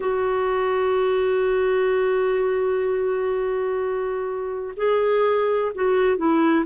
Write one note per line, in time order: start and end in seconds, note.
0.00 4.74 F#4
4.76 5.71 G#4
5.74 6.17 F#4
6.17 6.65 E4